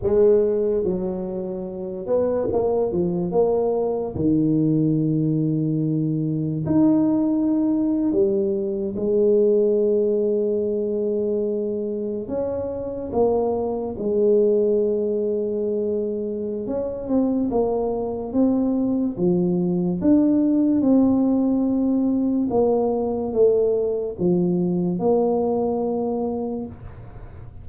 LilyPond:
\new Staff \with { instrumentName = "tuba" } { \time 4/4 \tempo 4 = 72 gis4 fis4. b8 ais8 f8 | ais4 dis2. | dis'4.~ dis'16 g4 gis4~ gis16~ | gis2~ gis8. cis'4 ais16~ |
ais8. gis2.~ gis16 | cis'8 c'8 ais4 c'4 f4 | d'4 c'2 ais4 | a4 f4 ais2 | }